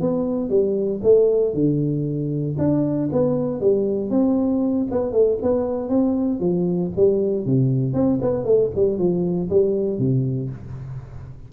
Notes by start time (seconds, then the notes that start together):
0.00 B3
0.49 G3
1.03 A3
1.53 D3
2.58 D4
3.12 B3
3.60 G3
4.10 C4
4.90 B3
5.12 A3
5.42 B3
5.89 C4
6.39 F3
6.96 G3
7.45 C3
7.93 C4
8.21 B3
8.44 A3
8.75 G3
8.98 F3
9.49 G3
9.98 C3